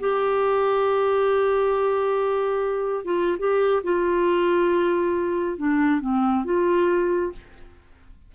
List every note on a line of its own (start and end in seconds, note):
0.00 3.05 G4
3.05 3.38 F4
3.39 3.83 G4
3.84 5.58 F4
5.58 6.01 D4
6.01 6.45 C4
6.45 7.32 F4